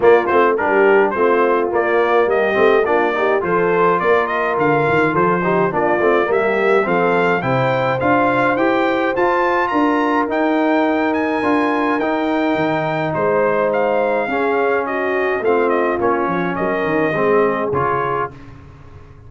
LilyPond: <<
  \new Staff \with { instrumentName = "trumpet" } { \time 4/4 \tempo 4 = 105 d''8 c''8 ais'4 c''4 d''4 | dis''4 d''4 c''4 d''8 dis''8 | f''4 c''4 d''4 e''4 | f''4 g''4 f''4 g''4 |
a''4 ais''4 g''4. gis''8~ | gis''4 g''2 c''4 | f''2 dis''4 f''8 dis''8 | cis''4 dis''2 cis''4 | }
  \new Staff \with { instrumentName = "horn" } { \time 4/4 f'4 g'4 f'2 | g'4 f'8 g'8 a'4 ais'4~ | ais'4 a'8 g'8 f'4 g'4 | a'4 c''2.~ |
c''4 ais'2.~ | ais'2. c''4~ | c''4 gis'4 fis'4 f'4~ | f'4 ais'4 gis'2 | }
  \new Staff \with { instrumentName = "trombone" } { \time 4/4 ais8 c'8 d'4 c'4 ais4~ | ais8 c'8 d'8 dis'8 f'2~ | f'4. dis'8 d'8 c'8 ais4 | c'4 e'4 f'4 g'4 |
f'2 dis'2 | f'4 dis'2.~ | dis'4 cis'2 c'4 | cis'2 c'4 f'4 | }
  \new Staff \with { instrumentName = "tuba" } { \time 4/4 ais8 a8 g4 a4 ais4 | g8 a8 ais4 f4 ais4 | d8 dis8 f4 ais8 a8 g4 | f4 c4 d'4 e'4 |
f'4 d'4 dis'2 | d'4 dis'4 dis4 gis4~ | gis4 cis'2 a4 | ais8 f8 fis8 dis8 gis4 cis4 | }
>>